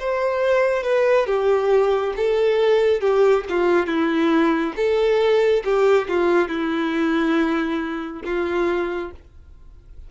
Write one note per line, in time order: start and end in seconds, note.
0.00 0.84 C5
0.84 1.27 B4
1.27 2.14 G4
2.17 3.01 A4
3.01 3.45 G4
3.49 3.87 F4
3.87 4.74 E4
4.77 5.64 A4
5.65 6.08 G4
6.09 6.49 F4
6.49 8.23 E4
8.25 9.11 F4